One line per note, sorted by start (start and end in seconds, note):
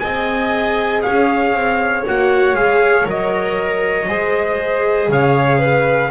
0.00 1.05 C4
0.00 2.04 G#4
0.00 1.03 D#5
0.00 1.02 G#5
1.02 1.54 C#4
1.02 4.08 C#5
1.02 2.04 F5
1.54 2.05 C4
2.06 2.54 A#3
2.06 2.56 F#4
2.06 2.56 F#5
2.54 3.05 G#3
2.54 3.05 G#4
2.54 3.07 F5
3.05 4.08 F#3
3.05 4.07 A#4
3.05 5.12 D#5
4.08 5.09 G#3
4.08 6.11 G#4
4.08 5.10 C5
5.09 6.11 C#3
5.09 5.59 C#5
5.09 6.11 F5
5.59 6.10 B4